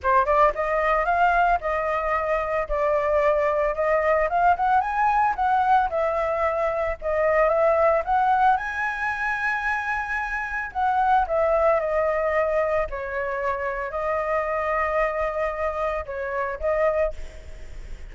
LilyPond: \new Staff \with { instrumentName = "flute" } { \time 4/4 \tempo 4 = 112 c''8 d''8 dis''4 f''4 dis''4~ | dis''4 d''2 dis''4 | f''8 fis''8 gis''4 fis''4 e''4~ | e''4 dis''4 e''4 fis''4 |
gis''1 | fis''4 e''4 dis''2 | cis''2 dis''2~ | dis''2 cis''4 dis''4 | }